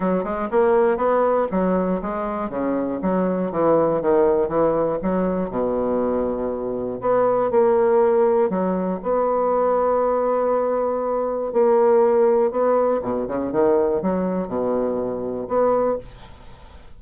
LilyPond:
\new Staff \with { instrumentName = "bassoon" } { \time 4/4 \tempo 4 = 120 fis8 gis8 ais4 b4 fis4 | gis4 cis4 fis4 e4 | dis4 e4 fis4 b,4~ | b,2 b4 ais4~ |
ais4 fis4 b2~ | b2. ais4~ | ais4 b4 b,8 cis8 dis4 | fis4 b,2 b4 | }